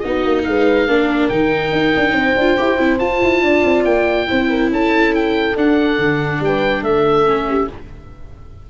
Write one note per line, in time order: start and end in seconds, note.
0.00 0.25 B3
0.00 0.89 D#4
0.00 0.46 F#4
0.00 0.43 D#5
0.25 0.47 A#3
0.44 0.88 G#3
0.44 0.90 B4
0.44 1.29 F5
0.88 1.30 A#3
0.88 1.31 D4
0.88 2.17 A#4
1.29 1.73 D#3
1.29 2.39 D#4
1.29 2.99 G5
1.73 1.94 D#4
1.97 2.13 D4
2.13 2.34 C4
2.13 3.43 C5
2.36 2.57 D4
2.36 2.58 F4
2.58 2.80 E4
2.58 2.78 G4
2.78 3.01 C4
2.78 2.99 E4
2.99 4.27 F4
2.99 3.22 F4
2.99 3.84 A5
3.23 3.42 E4
3.42 3.63 D4
3.42 4.28 D5
3.65 3.85 C4
3.85 4.28 A#3
3.85 4.70 G5
4.27 4.71 C4
4.27 5.55 E4
4.27 4.50 C5
4.50 4.71 A#4
4.71 5.56 C#4
4.71 6.42 A4
4.71 5.15 A5
5.15 5.57 G5
5.56 5.99 D4
5.56 7.26 D4
5.56 6.43 F#5
5.99 6.41 D3
6.41 6.82 G3
6.41 6.82 B4
6.41 6.84 G5
6.82 7.67 A3
6.82 7.45 A4
6.82 7.69 E5
7.26 7.68 C#4
7.49 7.70 G4